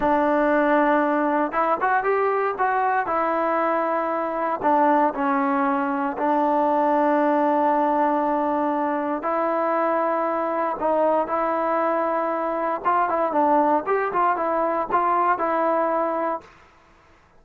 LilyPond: \new Staff \with { instrumentName = "trombone" } { \time 4/4 \tempo 4 = 117 d'2. e'8 fis'8 | g'4 fis'4 e'2~ | e'4 d'4 cis'2 | d'1~ |
d'2 e'2~ | e'4 dis'4 e'2~ | e'4 f'8 e'8 d'4 g'8 f'8 | e'4 f'4 e'2 | }